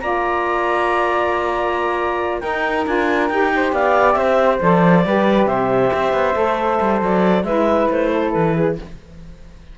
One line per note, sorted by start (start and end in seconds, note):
0.00 2.42 A#3
0.00 2.41 F4
0.00 2.41 D5
0.00 2.40 A#5
2.40 2.85 D#4
2.40 2.86 D#4
2.40 3.50 A#4
2.40 2.84 G5
2.85 3.30 D4
2.85 3.29 F4
2.85 3.28 G#5
3.28 3.72 D#4
3.28 4.60 G4
3.28 3.71 G5
3.56 3.74 C5
3.72 4.16 B3
3.72 4.17 D5
3.72 4.12 F5
4.12 4.59 C4
4.12 5.05 C5
4.12 4.56 E5
4.60 5.05 F3
4.60 5.04 A4
4.60 5.46 D5
5.05 5.46 G3
5.05 6.33 G4
5.05 5.48 B4
5.46 5.90 C3
5.46 7.45 C5
5.46 6.99 E5
5.93 6.13 C4
6.13 6.35 B3
6.33 6.79 A3
6.33 7.43 A4
6.80 7.01 G3
7.01 7.43 F#3
7.01 7.44 D5
7.43 7.87 G#3
7.43 8.77 E4
7.43 8.11 B4
7.43 7.88 E5
7.90 8.34 A3
7.90 8.32 C5
8.12 8.54 A4
8.32 8.78 E3
8.32 8.75 B4
8.54 8.76 G#4